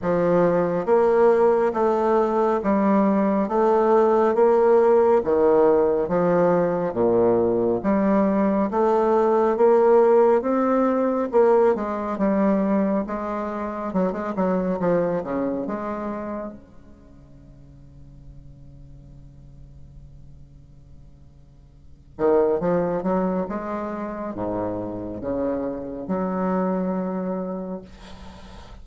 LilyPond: \new Staff \with { instrumentName = "bassoon" } { \time 4/4 \tempo 4 = 69 f4 ais4 a4 g4 | a4 ais4 dis4 f4 | ais,4 g4 a4 ais4 | c'4 ais8 gis8 g4 gis4 |
fis16 gis16 fis8 f8 cis8 gis4 cis4~ | cis1~ | cis4. dis8 f8 fis8 gis4 | gis,4 cis4 fis2 | }